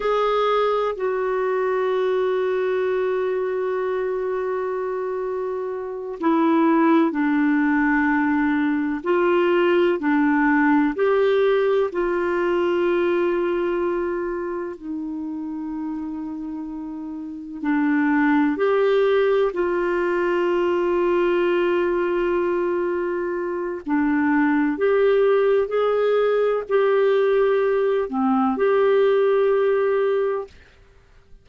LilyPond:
\new Staff \with { instrumentName = "clarinet" } { \time 4/4 \tempo 4 = 63 gis'4 fis'2.~ | fis'2~ fis'8 e'4 d'8~ | d'4. f'4 d'4 g'8~ | g'8 f'2. dis'8~ |
dis'2~ dis'8 d'4 g'8~ | g'8 f'2.~ f'8~ | f'4 d'4 g'4 gis'4 | g'4. c'8 g'2 | }